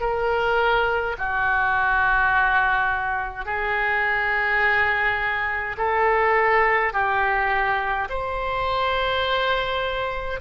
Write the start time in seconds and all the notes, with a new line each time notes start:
0.00 A#4
1.18 F#4
3.45 G#4
5.77 A4
6.93 G4
8.09 C5